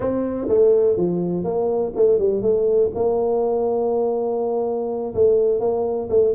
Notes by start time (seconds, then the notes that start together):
0.00 C4
0.48 A3
0.96 F3
1.44 A#3
1.95 A3
2.19 G3
2.41 A3
2.94 A#3
5.14 A3
5.59 A#3
6.09 A3